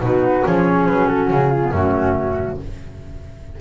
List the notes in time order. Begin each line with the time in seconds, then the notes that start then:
0.00 B2 D#4 F#4 B4
0.44 F3 C#4 G#4 C#5
0.87 F#3 B4
1.08 F#4 A4
1.30 C#3 G#4
1.50 F4
1.61 B3
1.71 F#2 A3 C#4 F#4